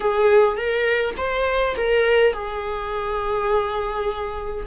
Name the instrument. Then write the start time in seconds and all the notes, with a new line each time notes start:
viola
0.00 G#4
0.56 A#4
1.17 C5
1.76 A#4
2.33 G#4